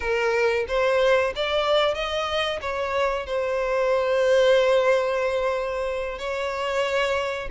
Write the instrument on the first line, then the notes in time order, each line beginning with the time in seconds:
violin
0.00 A#4
0.68 C5
1.35 D5
1.94 D#5
2.61 C#5
3.26 C5
6.18 C#5